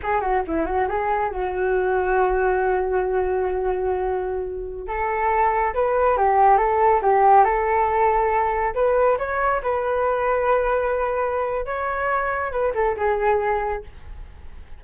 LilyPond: \new Staff \with { instrumentName = "flute" } { \time 4/4 \tempo 4 = 139 gis'8 fis'8 e'8 fis'8 gis'4 fis'4~ | fis'1~ | fis'2.~ fis'16 a'8.~ | a'4~ a'16 b'4 g'4 a'8.~ |
a'16 g'4 a'2~ a'8.~ | a'16 b'4 cis''4 b'4.~ b'16~ | b'2. cis''4~ | cis''4 b'8 a'8 gis'2 | }